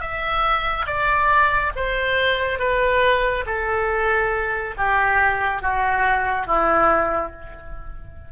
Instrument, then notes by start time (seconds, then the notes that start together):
oboe
0.00 E5
0.86 D5
1.76 C5
2.59 B4
3.46 A4
4.77 G4
5.61 F#4
6.46 E4